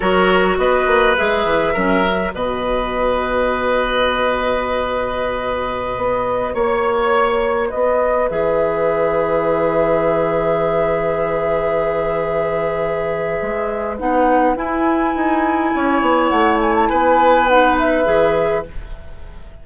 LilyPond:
<<
  \new Staff \with { instrumentName = "flute" } { \time 4/4 \tempo 4 = 103 cis''4 dis''4 e''2 | dis''1~ | dis''2.~ dis''16 cis''8.~ | cis''4~ cis''16 dis''4 e''4.~ e''16~ |
e''1~ | e''1 | fis''4 gis''2. | fis''8 gis''16 a''16 gis''4 fis''8 e''4. | }
  \new Staff \with { instrumentName = "oboe" } { \time 4/4 ais'4 b'2 ais'4 | b'1~ | b'2.~ b'16 cis''8.~ | cis''4~ cis''16 b'2~ b'8.~ |
b'1~ | b'1~ | b'2. cis''4~ | cis''4 b'2. | }
  \new Staff \with { instrumentName = "clarinet" } { \time 4/4 fis'2 gis'4 cis'8 fis'8~ | fis'1~ | fis'1~ | fis'2~ fis'16 gis'4.~ gis'16~ |
gis'1~ | gis'1 | dis'4 e'2.~ | e'2 dis'4 gis'4 | }
  \new Staff \with { instrumentName = "bassoon" } { \time 4/4 fis4 b8 ais8 gis8 e8 fis4 | b,1~ | b,2~ b,16 b4 ais8.~ | ais4~ ais16 b4 e4.~ e16~ |
e1~ | e2. gis4 | b4 e'4 dis'4 cis'8 b8 | a4 b2 e4 | }
>>